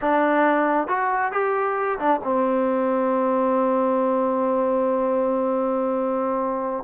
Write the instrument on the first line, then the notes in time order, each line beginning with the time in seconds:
trombone
0.01 D4
0.87 F#4
1.32 G4
1.99 D4
2.23 C4